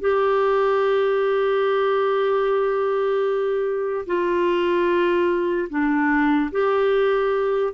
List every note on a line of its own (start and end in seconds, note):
0.00 4.05 G4
4.06 5.68 F4
5.69 6.50 D4
6.52 7.73 G4